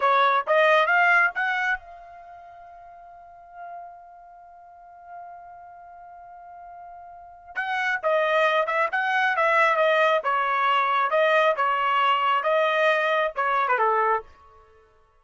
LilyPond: \new Staff \with { instrumentName = "trumpet" } { \time 4/4 \tempo 4 = 135 cis''4 dis''4 f''4 fis''4 | f''1~ | f''1~ | f''1~ |
f''4 fis''4 dis''4. e''8 | fis''4 e''4 dis''4 cis''4~ | cis''4 dis''4 cis''2 | dis''2 cis''8. b'16 a'4 | }